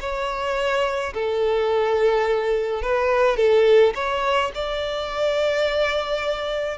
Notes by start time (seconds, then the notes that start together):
0.00 C#5
1.14 A4
2.82 B4
3.37 A4
3.95 C#5
4.54 D5